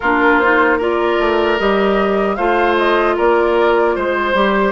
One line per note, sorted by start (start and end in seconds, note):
0.00 1.19 A#3
0.00 0.43 D4
0.00 0.78 F4
0.00 0.39 A#4
0.39 0.80 D#4
0.39 0.78 C5
0.78 1.58 F4
0.78 2.36 A#4
0.78 1.59 D5
1.19 1.58 A3
1.58 2.37 G3
1.58 2.37 G4
1.58 2.35 D#5
2.35 3.16 A3
2.35 4.34 F4
2.35 3.15 C5
2.35 2.75 F5
2.77 3.16 D#5
3.16 3.96 A#3
3.16 3.95 A#4
3.16 3.96 D5
3.95 4.34 G#3
3.95 4.71 C5
4.34 4.71 G3
4.34 4.71 G4